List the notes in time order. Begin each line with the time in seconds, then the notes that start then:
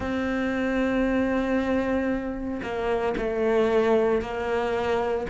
0.00 C4
2.62 A#3
3.17 A3
4.21 A#3